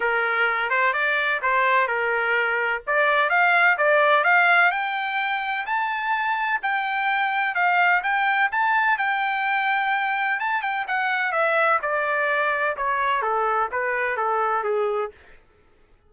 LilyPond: \new Staff \with { instrumentName = "trumpet" } { \time 4/4 \tempo 4 = 127 ais'4. c''8 d''4 c''4 | ais'2 d''4 f''4 | d''4 f''4 g''2 | a''2 g''2 |
f''4 g''4 a''4 g''4~ | g''2 a''8 g''8 fis''4 | e''4 d''2 cis''4 | a'4 b'4 a'4 gis'4 | }